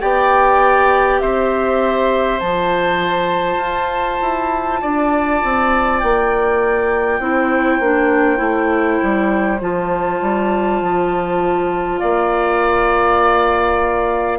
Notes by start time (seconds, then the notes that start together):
0.00 B3 G4 D5 G5
1.20 C4 C5 E5
2.40 F3 F4 A5
3.57 F4
4.22 E4
4.81 D4 D5
5.44 C4
5.99 A#3 G5
7.19 C4 E4 C5
7.79 A#3 D4
8.37 A3 E4
9.03 G3
9.61 F3 F4 A5
10.21 G3
10.82 F3
11.99 A#3 D5 F5